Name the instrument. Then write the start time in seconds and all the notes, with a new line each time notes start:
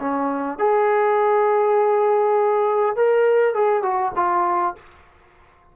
trombone
0.00 C#4
0.59 G#4
2.96 A#4
3.54 G#4
3.83 F#4
4.16 F4